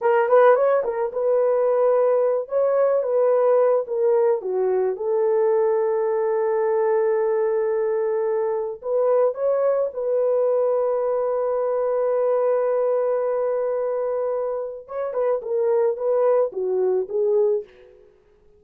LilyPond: \new Staff \with { instrumentName = "horn" } { \time 4/4 \tempo 4 = 109 ais'8 b'8 cis''8 ais'8 b'2~ | b'8 cis''4 b'4. ais'4 | fis'4 a'2.~ | a'1 |
b'4 cis''4 b'2~ | b'1~ | b'2. cis''8 b'8 | ais'4 b'4 fis'4 gis'4 | }